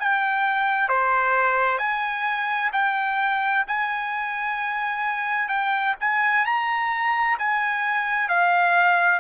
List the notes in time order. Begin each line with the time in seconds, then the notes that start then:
0.00 G5
0.89 C5
1.79 G#5
2.73 G5
3.68 G#5
5.49 G5
6.00 G#5
6.46 A#5
7.39 G#5
8.29 F5